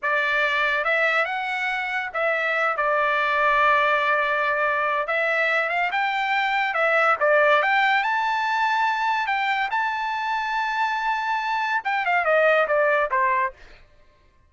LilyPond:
\new Staff \with { instrumentName = "trumpet" } { \time 4/4 \tempo 4 = 142 d''2 e''4 fis''4~ | fis''4 e''4. d''4.~ | d''1 | e''4. f''8 g''2 |
e''4 d''4 g''4 a''4~ | a''2 g''4 a''4~ | a''1 | g''8 f''8 dis''4 d''4 c''4 | }